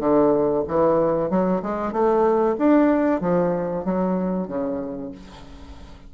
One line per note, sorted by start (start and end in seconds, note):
0.00 0.64 D3
0.68 1.30 E3
1.30 1.62 F#3
1.63 1.93 G#3
1.93 2.56 A3
2.59 3.21 D4
3.21 3.85 F3
3.85 4.48 F#3
4.48 5.12 C#3